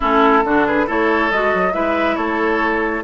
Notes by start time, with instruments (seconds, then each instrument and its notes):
0.00 bassoon A3, clarinet C#4, oboe E4, flute A4
0.44 bassoon D3, clarinet D4, oboe F#4
0.66 oboe G#4, flute B4
0.86 bassoon A3, clarinet E4, oboe A4, flute C#5
1.31 bassoon G#3, clarinet F#4, flute D#5
1.53 bassoon F#3
1.72 bassoon G#3, clarinet E4, oboe B4, flute E5
2.15 bassoon A3, oboe A4, flute C#5